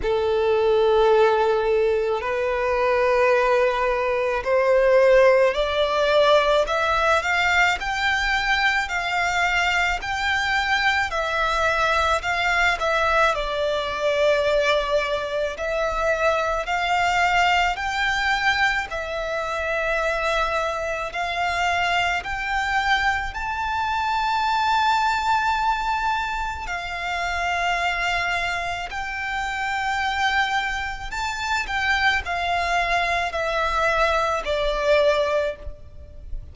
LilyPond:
\new Staff \with { instrumentName = "violin" } { \time 4/4 \tempo 4 = 54 a'2 b'2 | c''4 d''4 e''8 f''8 g''4 | f''4 g''4 e''4 f''8 e''8 | d''2 e''4 f''4 |
g''4 e''2 f''4 | g''4 a''2. | f''2 g''2 | a''8 g''8 f''4 e''4 d''4 | }